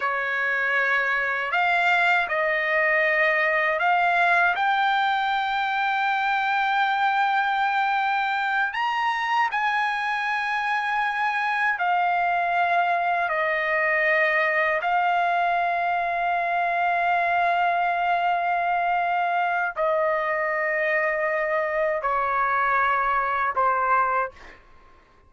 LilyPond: \new Staff \with { instrumentName = "trumpet" } { \time 4/4 \tempo 4 = 79 cis''2 f''4 dis''4~ | dis''4 f''4 g''2~ | g''2.~ g''8 ais''8~ | ais''8 gis''2. f''8~ |
f''4. dis''2 f''8~ | f''1~ | f''2 dis''2~ | dis''4 cis''2 c''4 | }